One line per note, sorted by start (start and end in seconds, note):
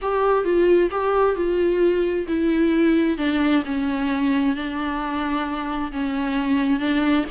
0.01 0.44 G4
0.44 0.90 F4
0.90 1.35 G4
1.35 2.26 F4
2.27 3.17 E4
3.17 3.63 D4
3.65 4.55 C#4
4.55 5.91 D4
5.92 6.79 C#4
6.79 7.25 D4